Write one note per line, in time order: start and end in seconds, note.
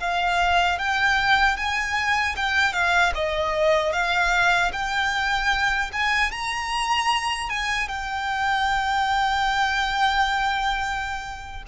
0.00 0.79 F5
0.79 1.57 G5
1.57 2.36 G#5
2.37 2.73 G5
2.73 3.13 F5
3.15 3.93 D#5
3.93 4.72 F5
4.73 5.91 G5
5.93 6.32 G#5
6.32 7.50 A#5
7.50 7.88 G#5
7.88 11.63 G5